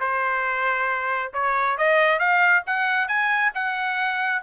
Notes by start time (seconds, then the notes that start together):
0.00 C5
1.33 C#5
1.78 D#5
2.19 F5
2.67 F#5
3.08 G#5
3.54 F#5